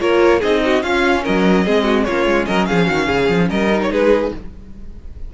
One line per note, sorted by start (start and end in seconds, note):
0.00 0.42 A#3
0.00 0.41 F4
0.00 0.40 A#4
0.00 0.42 C#5
0.40 0.83 C4
0.40 0.84 D#4
0.40 0.61 G#4
0.40 0.83 D#5
0.65 0.84 F#4
0.83 1.24 C#4
0.83 1.66 C#4
0.83 1.23 F4
0.83 1.24 F5
1.23 1.67 F#3
1.23 1.65 A#4
1.23 2.05 D#5
1.65 2.08 G#3
1.65 2.07 C4
1.65 1.84 G#4
1.84 2.05 F#4
2.05 2.26 A#3
2.05 3.73 C#4
2.05 2.48 F4
2.05 2.46 C#5
2.26 2.47 G#3
2.46 2.70 F#3
2.46 2.68 A#4
2.46 2.66 D#5
2.66 2.89 F3
2.66 2.87 G#4
2.66 3.49 F5
2.87 3.09 D#3
2.87 3.07 F#4
3.07 3.30 C#3
3.07 3.48 G#4
3.30 3.50 F3
3.50 3.91 G3
3.50 3.92 A#4
3.50 3.81 D#5
3.73 4.34 D#4
3.83 3.93 C#5
3.91 4.32 G#3
3.91 4.34 G#4
3.91 4.34 B4